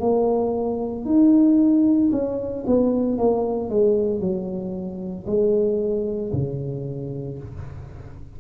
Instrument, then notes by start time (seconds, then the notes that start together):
tuba
0.00 A#3
1.06 D#4
2.12 C#4
2.67 B3
3.18 A#3
3.70 G#3
4.21 F#3
5.27 G#3
6.33 C#3